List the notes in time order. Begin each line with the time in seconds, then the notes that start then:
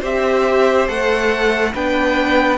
0.00 C4 G4 C5 E5
0.88 A3 A4 F#5
1.74 B3 D4 B4 G5